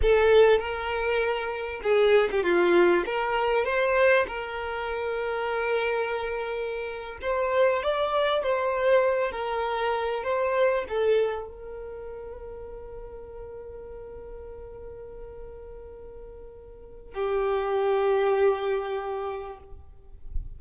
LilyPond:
\new Staff \with { instrumentName = "violin" } { \time 4/4 \tempo 4 = 98 a'4 ais'2 gis'8. g'16 | f'4 ais'4 c''4 ais'4~ | ais'2.~ ais'8. c''16~ | c''8. d''4 c''4. ais'8.~ |
ais'8. c''4 a'4 ais'4~ ais'16~ | ais'1~ | ais'1 | g'1 | }